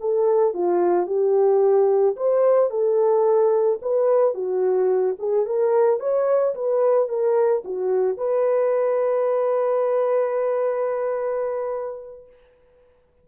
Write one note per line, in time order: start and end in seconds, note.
0.00 0.54 A4
0.54 1.07 F4
1.07 2.16 G4
2.16 2.70 C5
2.70 3.79 A4
3.82 4.34 B4
4.34 5.16 F#4
5.19 5.46 G#4
5.46 6.00 A#4
6.00 6.54 C#5
6.54 7.09 B4
7.09 7.63 A#4
7.64 8.17 F#4
8.17 12.27 B4